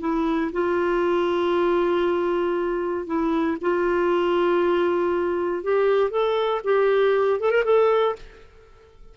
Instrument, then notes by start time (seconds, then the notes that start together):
clarinet
0.00 E4
0.52 F4
3.06 E4
3.61 F4
5.63 G4
6.10 A4
6.64 G4
7.40 A4
7.51 A#4
7.65 A4